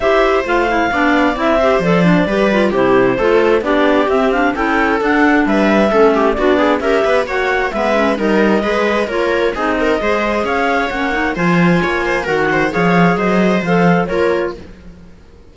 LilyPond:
<<
  \new Staff \with { instrumentName = "clarinet" } { \time 4/4 \tempo 4 = 132 e''4 f''2 e''4 | d''2 c''2 | d''4 e''8 f''8 g''4 fis''4 | e''2 d''4 e''4 |
fis''4 e''4 dis''2 | cis''4 dis''2 f''4 | fis''4 gis''2 fis''4 | f''4 dis''4 f''4 cis''4 | }
  \new Staff \with { instrumentName = "viola" } { \time 4/4 c''2 d''4. c''8~ | c''4 b'4 g'4 a'4 | g'2 a'2 | b'4 a'8 g'8 fis'8 gis'8 ais'8 b'8 |
cis''4 b'4 ais'4 b'4 | ais'4 gis'8 ais'8 c''4 cis''4~ | cis''4 c''4 cis''8 c''8 ais'8 c''8 | cis''4 c''2 ais'4 | }
  \new Staff \with { instrumentName = "clarinet" } { \time 4/4 g'4 f'8 e'8 d'4 e'8 g'8 | a'8 d'8 g'8 f'8 e'4 f'4 | d'4 c'8 d'8 e'4 d'4~ | d'4 cis'4 d'4 g'4 |
fis'4 b8 cis'8 dis'4 gis'4 | f'4 dis'4 gis'2 | cis'8 dis'8 f'2 fis'4 | gis'2 a'4 f'4 | }
  \new Staff \with { instrumentName = "cello" } { \time 4/4 e'4 a4 b4 c'4 | f4 g4 c4 a4 | b4 c'4 cis'4 d'4 | g4 a4 b4 cis'8 b8 |
ais4 gis4 g4 gis4 | ais4 c'4 gis4 cis'4 | ais4 f4 ais4 dis4 | f4 fis4 f4 ais4 | }
>>